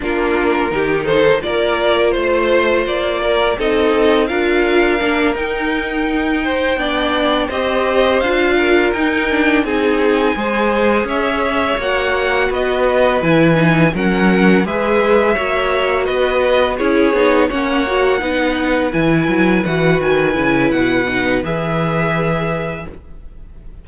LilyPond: <<
  \new Staff \with { instrumentName = "violin" } { \time 4/4 \tempo 4 = 84 ais'4. c''8 d''4 c''4 | d''4 dis''4 f''4. g''8~ | g''2~ g''8 dis''4 f''8~ | f''8 g''4 gis''2 e''8~ |
e''8 fis''4 dis''4 gis''4 fis''8~ | fis''8 e''2 dis''4 cis''8~ | cis''8 fis''2 gis''4 fis''8 | gis''4 fis''4 e''2 | }
  \new Staff \with { instrumentName = "violin" } { \time 4/4 f'4 g'8 a'8 ais'4 c''4~ | c''8 ais'8 a'4 ais'2~ | ais'4 c''8 d''4 c''4. | ais'4. gis'4 c''4 cis''8~ |
cis''4. b'2 ais'8~ | ais'8 b'4 cis''4 b'4 gis'8~ | gis'8 cis''4 b'2~ b'8~ | b'1 | }
  \new Staff \with { instrumentName = "viola" } { \time 4/4 d'4 dis'4 f'2~ | f'4 dis'4 f'4 d'8 dis'8~ | dis'4. d'4 g'4 f'8~ | f'8 dis'8 d'8 dis'4 gis'4.~ |
gis'8 fis'2 e'8 dis'8 cis'8~ | cis'8 gis'4 fis'2 e'8 | dis'8 cis'8 fis'8 dis'4 e'4 fis'8~ | fis'8 e'4 dis'8 gis'2 | }
  \new Staff \with { instrumentName = "cello" } { \time 4/4 ais4 dis4 ais4 a4 | ais4 c'4 d'4 ais8 dis'8~ | dis'4. b4 c'4 d'8~ | d'8 dis'4 c'4 gis4 cis'8~ |
cis'8 ais4 b4 e4 fis8~ | fis8 gis4 ais4 b4 cis'8 | b8 ais4 b4 e8 fis8 e8 | dis8 cis8 b,4 e2 | }
>>